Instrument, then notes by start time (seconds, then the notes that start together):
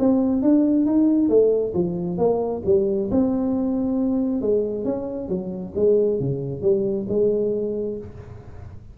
tuba
0.00 C4
0.42 D4
0.86 D#4
1.29 A3
1.74 F3
2.18 A#3
2.66 G3
3.11 C4
4.42 G#3
4.85 C#4
5.29 F#3
5.76 G#3
6.20 C#3
6.62 G3
7.09 G#3